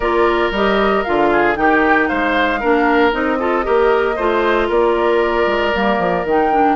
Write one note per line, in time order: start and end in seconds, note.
0.00 0.48 A#3
0.00 0.53 F4
0.00 1.29 A#4
0.00 0.52 D5
0.51 1.03 G3
0.51 1.05 G4
0.51 1.03 D#5
1.03 1.57 D3
1.03 1.55 F4
1.03 1.55 F5
1.31 1.57 G#4
1.55 2.09 D#3
1.55 2.59 D#4
1.55 2.08 G4
1.55 2.08 G5
2.08 2.63 G#3
2.08 2.60 C5
2.08 3.12 F5
2.60 3.13 A#3
2.60 3.12 D4
2.60 3.38 A#4
3.12 3.65 C4
3.12 3.38 D#4
3.12 4.70 D#5
3.39 3.63 F4
3.39 3.65 A4
3.63 4.17 A#3
3.63 4.15 G4
3.63 4.16 A#4
4.16 4.69 A3
4.16 5.73 F4
4.16 4.68 C5
4.68 5.46 A#3
4.68 6.75 A#4
4.68 6.27 D5
5.46 5.72 G#3
5.73 5.98 G3
5.73 6.26 A#3
5.98 6.24 F3
6.24 6.75 D#3
6.24 6.51 D#4
6.24 6.75 G5
6.51 6.75 D4